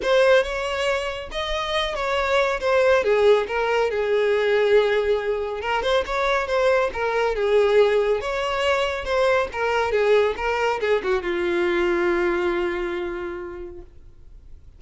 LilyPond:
\new Staff \with { instrumentName = "violin" } { \time 4/4 \tempo 4 = 139 c''4 cis''2 dis''4~ | dis''8 cis''4. c''4 gis'4 | ais'4 gis'2.~ | gis'4 ais'8 c''8 cis''4 c''4 |
ais'4 gis'2 cis''4~ | cis''4 c''4 ais'4 gis'4 | ais'4 gis'8 fis'8 f'2~ | f'1 | }